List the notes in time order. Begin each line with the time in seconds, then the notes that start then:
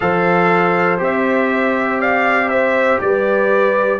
0.00 F3 A4 C5 F5
0.98 C4 G4 E5
1.99 D5 F5
2.48 C5 E5
3.00 G3 B4 D5